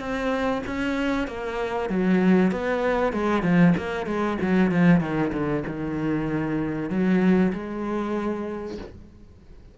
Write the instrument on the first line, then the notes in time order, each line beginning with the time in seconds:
cello
0.00 C4
0.67 C#4
1.28 A#3
1.90 F#3
2.52 B3
3.13 G#3
3.43 F3
3.78 A#3
4.07 G#3
4.42 F#3
4.72 F3
5.01 D#3
5.33 D3
5.68 D#3
6.90 F#3
7.53 G#3